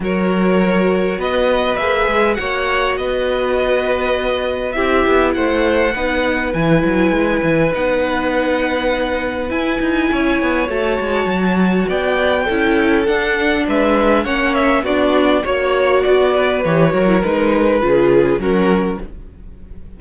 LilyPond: <<
  \new Staff \with { instrumentName = "violin" } { \time 4/4 \tempo 4 = 101 cis''2 dis''4 e''4 | fis''4 dis''2. | e''4 fis''2 gis''4~ | gis''4 fis''2. |
gis''2 a''2 | g''2 fis''4 e''4 | fis''8 e''8 d''4 cis''4 d''4 | cis''4 b'2 ais'4 | }
  \new Staff \with { instrumentName = "violin" } { \time 4/4 ais'2 b'2 | cis''4 b'2. | g'4 c''4 b'2~ | b'1~ |
b'4 cis''2. | d''4 a'2 b'4 | cis''4 fis'4 cis''4 fis'8 b'8~ | b'8 ais'4. gis'4 fis'4 | }
  \new Staff \with { instrumentName = "viola" } { \time 4/4 fis'2. gis'4 | fis'1 | e'2 dis'4 e'4~ | e'4 dis'2. |
e'2 fis'2~ | fis'4 e'4 d'2 | cis'4 d'4 fis'2 | g'8 fis'16 e'16 dis'4 f'4 cis'4 | }
  \new Staff \with { instrumentName = "cello" } { \time 4/4 fis2 b4 ais8 gis8 | ais4 b2. | c'8 b8 a4 b4 e8 fis8 | gis8 e8 b2. |
e'8 dis'8 cis'8 b8 a8 gis8 fis4 | b4 cis'4 d'4 gis4 | ais4 b4 ais4 b4 | e8 fis8 gis4 cis4 fis4 | }
>>